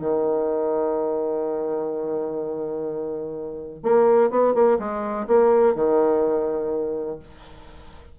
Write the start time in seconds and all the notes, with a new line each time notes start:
0.00 D#3
3.83 A#3
4.30 B3
4.54 A#3
4.79 G#3
5.28 A#3
5.75 D#3